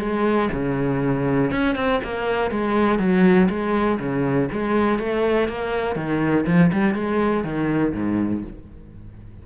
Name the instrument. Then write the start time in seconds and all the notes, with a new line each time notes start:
cello
0.00 G#3
0.53 C#3
1.51 C#4
1.76 C4
2.04 A#3
2.51 G#3
2.99 F#3
3.50 G#3
3.99 C#3
4.52 G#3
4.99 A3
5.49 A#3
5.96 D#3
6.47 F3
6.73 G3
6.95 G#3
7.44 D#3
7.95 G#2